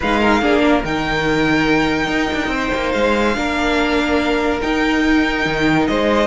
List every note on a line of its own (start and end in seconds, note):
0.00 0.41 G#3
0.00 0.41 D#4
0.00 0.20 B4
0.00 0.84 F5
0.20 0.41 A#4
0.41 0.83 A#3
0.41 0.83 D4
0.41 0.62 G#4
0.64 2.52 A#4
0.84 2.07 D#3
0.84 3.34 D#4
0.84 2.92 G5
2.07 2.28 D#4
2.33 2.47 D4
2.47 2.68 C4
2.47 3.36 C5
2.74 2.94 A#3
2.92 3.36 G#3
2.92 4.60 F5
3.34 4.62 A#3
3.34 4.60 D4
3.34 5.88 A#4
4.61 6.27 D#4
4.61 5.45 D#4
4.61 5.86 G5
5.45 5.87 D#3
5.86 6.27 G#3
5.86 6.27 C5
5.86 6.27 D#5